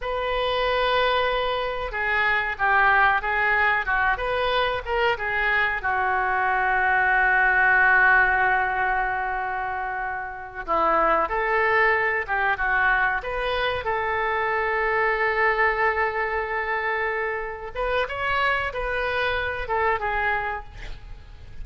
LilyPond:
\new Staff \with { instrumentName = "oboe" } { \time 4/4 \tempo 4 = 93 b'2. gis'4 | g'4 gis'4 fis'8 b'4 ais'8 | gis'4 fis'2.~ | fis'1~ |
fis'8 e'4 a'4. g'8 fis'8~ | fis'8 b'4 a'2~ a'8~ | a'2.~ a'8 b'8 | cis''4 b'4. a'8 gis'4 | }